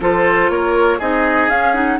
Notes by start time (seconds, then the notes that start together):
0.00 F3 F4 A4 C5
0.49 A#3 A#4 C#5
0.99 C4 D#4 G#4 D#5
1.48 C#4 F5
1.73 D#4 F#5